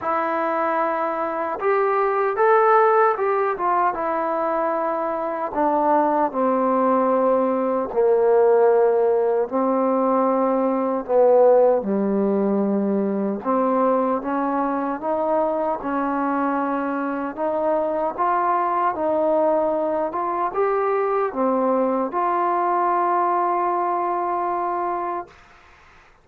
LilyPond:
\new Staff \with { instrumentName = "trombone" } { \time 4/4 \tempo 4 = 76 e'2 g'4 a'4 | g'8 f'8 e'2 d'4 | c'2 ais2 | c'2 b4 g4~ |
g4 c'4 cis'4 dis'4 | cis'2 dis'4 f'4 | dis'4. f'8 g'4 c'4 | f'1 | }